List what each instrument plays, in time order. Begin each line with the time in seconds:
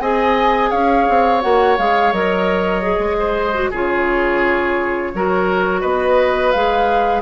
0.00 bassoon C4, clarinet G#4, oboe D#5, flute G#5
0.70 bassoon C#4, oboe C#5, flute F5
1.09 bassoon C4
1.41 bassoon A#3, clarinet F#4, flute F#5
1.78 bassoon G#3, clarinet G#4, flute F5
2.12 bassoon F#3, clarinet A#4, flute D#5
2.82 clarinet G#4
2.98 bassoon G#3
3.19 oboe C5
3.54 clarinet F#4
3.70 bassoon C#3, clarinet F4, oboe G#4, flute C#5
5.14 bassoon F#3, clarinet F#4, oboe A#4
5.81 bassoon B3, oboe B4, flute D#5
6.51 bassoon G#3, clarinet G#4, flute F5